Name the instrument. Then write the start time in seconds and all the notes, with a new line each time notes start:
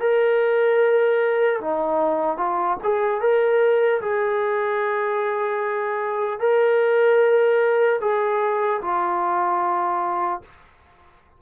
trombone
0.00 A#4
1.61 D#4
2.37 F4
2.83 G#4
3.21 A#4
4.01 G#4
6.40 A#4
8.01 G#4
8.82 F4